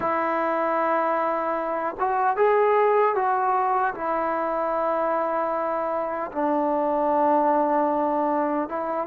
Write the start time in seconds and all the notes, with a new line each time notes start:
0.00 E4
2.00 F#4
2.36 G#4
3.15 F#4
3.94 E4
6.32 D4
8.68 E4